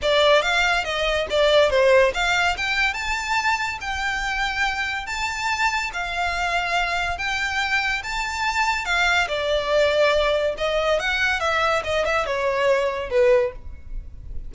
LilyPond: \new Staff \with { instrumentName = "violin" } { \time 4/4 \tempo 4 = 142 d''4 f''4 dis''4 d''4 | c''4 f''4 g''4 a''4~ | a''4 g''2. | a''2 f''2~ |
f''4 g''2 a''4~ | a''4 f''4 d''2~ | d''4 dis''4 fis''4 e''4 | dis''8 e''8 cis''2 b'4 | }